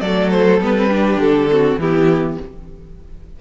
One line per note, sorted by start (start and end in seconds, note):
0.00 0.60 F#3
0.00 0.61 A3
0.00 0.89 A4
0.00 0.30 D5
0.30 0.60 C5
0.60 1.16 G3
0.60 0.75 B3
0.60 1.20 B4
0.75 0.89 C4
0.89 1.49 D4
0.89 1.50 G4
1.16 1.76 D3
1.16 1.79 A4
1.49 1.79 C4
1.49 1.80 F#4
1.77 2.37 E3
1.77 2.40 B3
1.77 2.39 E4
1.77 2.39 G4